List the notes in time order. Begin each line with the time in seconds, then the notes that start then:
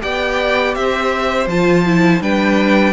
0.00 B3 G4 D5 G5
0.74 C4 C5 E5
1.46 F3 F4 A5
1.86 E4
2.21 G3 D4 B4 G5